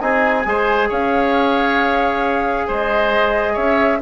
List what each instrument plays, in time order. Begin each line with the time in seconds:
0.00 bassoon C4, trombone D#4, oboe G#4, flute G#5
0.45 bassoon G#3, trombone G#4, oboe C5
0.89 bassoon C#4, oboe C#5, flute F5
2.67 bassoon G#3, oboe C5, flute D#5
3.53 bassoon C#4, oboe C#5, flute E5